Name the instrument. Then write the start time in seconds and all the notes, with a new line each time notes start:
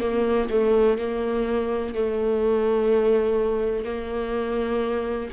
viola
0.00 A#3
0.50 A3
0.98 A#3
1.94 A3
3.85 A#3